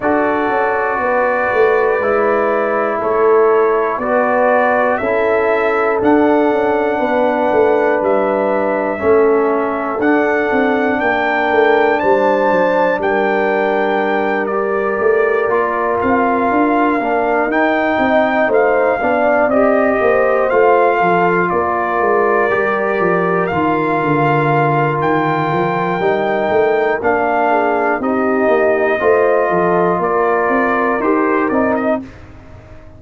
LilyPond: <<
  \new Staff \with { instrumentName = "trumpet" } { \time 4/4 \tempo 4 = 60 d''2. cis''4 | d''4 e''4 fis''2 | e''2 fis''4 g''4 | a''4 g''4. d''4. |
f''4. g''4 f''4 dis''8~ | dis''8 f''4 d''2 f''8~ | f''4 g''2 f''4 | dis''2 d''4 c''8 d''16 dis''16 | }
  \new Staff \with { instrumentName = "horn" } { \time 4/4 a'4 b'2 a'4 | b'4 a'2 b'4~ | b'4 a'2 ais'4 | c''4 ais'2.~ |
ais'2 dis''8 c''8 d''4 | c''4 a'8 ais'2~ ais'8~ | ais'2.~ ais'8 gis'8 | g'4 c''8 a'8 ais'2 | }
  \new Staff \with { instrumentName = "trombone" } { \time 4/4 fis'2 e'2 | fis'4 e'4 d'2~ | d'4 cis'4 d'2~ | d'2~ d'8 g'4 f'8~ |
f'4 d'8 dis'4. d'8 g'8~ | g'8 f'2 g'4 f'8~ | f'2 dis'4 d'4 | dis'4 f'2 g'8 dis'8 | }
  \new Staff \with { instrumentName = "tuba" } { \time 4/4 d'8 cis'8 b8 a8 gis4 a4 | b4 cis'4 d'8 cis'8 b8 a8 | g4 a4 d'8 c'8 ais8 a8 | g8 fis8 g2 a8 ais8 |
c'8 d'8 ais8 dis'8 c'8 a8 b8 c'8 | ais8 a8 f8 ais8 gis8 g8 f8 dis8 | d4 dis8 f8 g8 a8 ais4 | c'8 ais8 a8 f8 ais8 c'8 dis'8 c'8 | }
>>